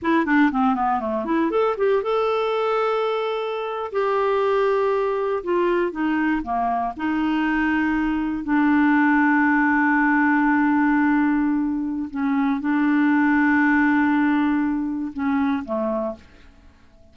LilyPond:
\new Staff \with { instrumentName = "clarinet" } { \time 4/4 \tempo 4 = 119 e'8 d'8 c'8 b8 a8 e'8 a'8 g'8 | a'2.~ a'8. g'16~ | g'2~ g'8. f'4 dis'16~ | dis'8. ais4 dis'2~ dis'16~ |
dis'8. d'2.~ d'16~ | d'1 | cis'4 d'2.~ | d'2 cis'4 a4 | }